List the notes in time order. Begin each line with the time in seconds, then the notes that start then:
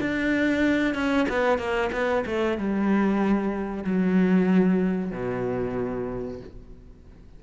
0.00 D4
0.94 C#4
1.28 B3
1.58 A#3
1.91 B3
2.26 A3
2.57 G3
3.84 F#3
5.11 B2